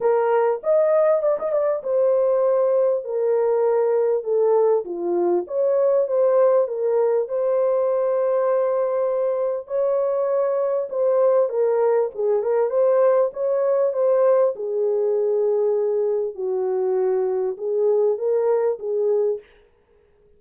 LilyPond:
\new Staff \with { instrumentName = "horn" } { \time 4/4 \tempo 4 = 99 ais'4 dis''4 d''16 dis''16 d''8 c''4~ | c''4 ais'2 a'4 | f'4 cis''4 c''4 ais'4 | c''1 |
cis''2 c''4 ais'4 | gis'8 ais'8 c''4 cis''4 c''4 | gis'2. fis'4~ | fis'4 gis'4 ais'4 gis'4 | }